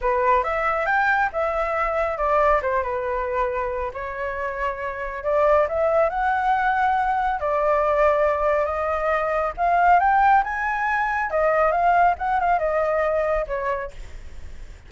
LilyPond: \new Staff \with { instrumentName = "flute" } { \time 4/4 \tempo 4 = 138 b'4 e''4 g''4 e''4~ | e''4 d''4 c''8 b'4.~ | b'4 cis''2. | d''4 e''4 fis''2~ |
fis''4 d''2. | dis''2 f''4 g''4 | gis''2 dis''4 f''4 | fis''8 f''8 dis''2 cis''4 | }